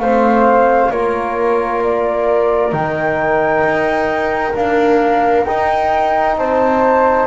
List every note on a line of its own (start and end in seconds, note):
0.00 0.91 A3
0.00 0.93 C4
0.00 0.91 C5
0.00 0.91 F5
0.91 2.73 A#3
0.91 2.71 F4
0.91 6.36 A#4
0.91 1.83 C#5
1.83 2.73 D5
2.71 3.64 D#3
2.71 4.53 D#4
2.71 4.55 G5
3.64 4.55 D#4
4.55 5.46 A#3
4.55 5.46 D4
4.55 5.45 F5
5.45 6.37 D#4
5.45 7.27 D#4
5.45 6.35 G5
6.37 7.27 C4
6.37 7.27 C5
6.37 7.27 A5